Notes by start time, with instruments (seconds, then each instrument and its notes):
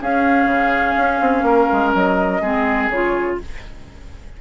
0.00 bassoon C#4, clarinet C#4, oboe G#4, flute F5
0.45 bassoon C#3
0.97 bassoon C#4
1.20 bassoon C4
1.42 bassoon A#3, oboe A#4
1.72 bassoon G#3
1.93 bassoon F#3, flute D#5
2.40 bassoon G#3, clarinet C4, oboe G#4
2.89 bassoon C#3, clarinet F4, flute C#5